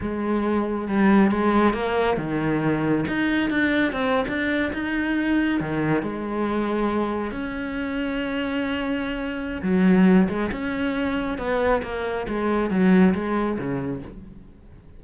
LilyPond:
\new Staff \with { instrumentName = "cello" } { \time 4/4 \tempo 4 = 137 gis2 g4 gis4 | ais4 dis2 dis'4 | d'4 c'8. d'4 dis'4~ dis'16~ | dis'8. dis4 gis2~ gis16~ |
gis8. cis'2.~ cis'16~ | cis'2 fis4. gis8 | cis'2 b4 ais4 | gis4 fis4 gis4 cis4 | }